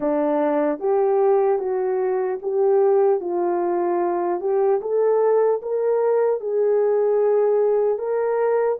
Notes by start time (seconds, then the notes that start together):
0.00 D4
0.79 G4
1.59 F#4
2.41 G4
3.20 F4
4.40 G4
4.81 A4
5.61 A#4
6.40 G#4
7.98 A#4